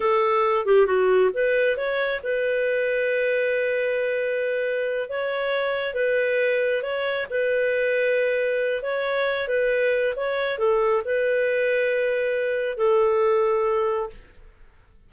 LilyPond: \new Staff \with { instrumentName = "clarinet" } { \time 4/4 \tempo 4 = 136 a'4. g'8 fis'4 b'4 | cis''4 b'2.~ | b'2.~ b'8 cis''8~ | cis''4. b'2 cis''8~ |
cis''8 b'2.~ b'8 | cis''4. b'4. cis''4 | a'4 b'2.~ | b'4 a'2. | }